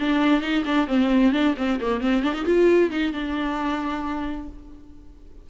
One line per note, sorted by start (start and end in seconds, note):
0.00 0.42 D4
0.42 0.64 D#4
0.65 0.88 D4
0.88 1.33 C4
1.33 1.55 D4
1.57 1.80 C4
1.81 2.01 A#3
2.01 2.24 C4
2.24 2.34 D4
2.34 2.45 D#4
2.46 2.91 F4
2.91 3.13 D#4
3.13 4.48 D4